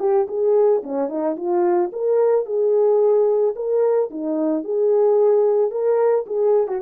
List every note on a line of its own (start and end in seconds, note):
0.00 0.27 G4
0.29 0.83 G#4
0.84 1.09 C#4
1.09 1.37 D#4
1.37 1.91 F4
1.93 2.46 A#4
2.46 3.55 G#4
3.56 4.11 A#4
4.11 4.65 D#4
4.65 5.71 G#4
5.71 6.26 A#4
6.27 6.68 G#4
6.68 6.82 F#4